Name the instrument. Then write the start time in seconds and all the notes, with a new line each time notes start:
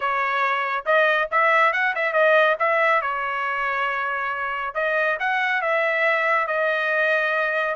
trumpet
0.00 C#5
0.85 D#5
1.31 E5
1.72 F#5
1.95 E5
2.12 D#5
2.59 E5
3.01 C#5
4.74 D#5
5.19 F#5
5.61 E5
6.47 D#5